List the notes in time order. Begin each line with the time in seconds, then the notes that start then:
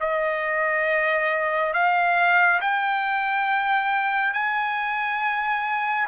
0.00 D#5
1.73 F5
2.61 G5
4.33 G#5